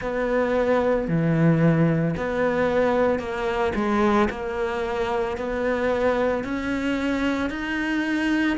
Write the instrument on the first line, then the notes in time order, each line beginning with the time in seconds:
cello
0.00 B3
1.08 E3
2.17 B3
3.19 A#3
3.75 G#3
4.30 A#3
5.37 B3
6.43 C#4
7.50 D#4